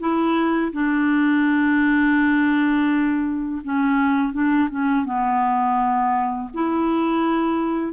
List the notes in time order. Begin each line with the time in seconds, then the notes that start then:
0.00 E4
0.73 D4
3.64 C#4
4.33 D4
4.71 C#4
5.05 B3
6.54 E4